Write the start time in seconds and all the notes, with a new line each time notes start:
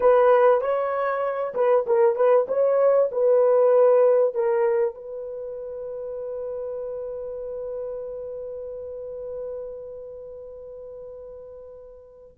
0.00 B4
0.61 C#5
1.54 B4
1.86 A#4
2.15 B4
2.47 C#5
3.11 B4
4.34 A#4
4.95 B4